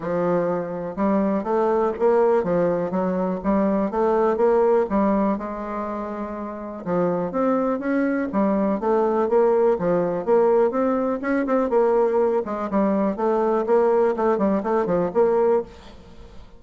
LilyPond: \new Staff \with { instrumentName = "bassoon" } { \time 4/4 \tempo 4 = 123 f2 g4 a4 | ais4 f4 fis4 g4 | a4 ais4 g4 gis4~ | gis2 f4 c'4 |
cis'4 g4 a4 ais4 | f4 ais4 c'4 cis'8 c'8 | ais4. gis8 g4 a4 | ais4 a8 g8 a8 f8 ais4 | }